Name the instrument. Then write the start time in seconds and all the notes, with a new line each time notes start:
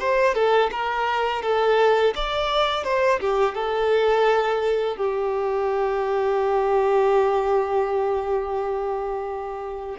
violin
0.00 C5
0.35 A4
0.71 A#4
1.43 A4
2.16 D5
2.84 C5
3.20 G4
3.55 A4
4.97 G4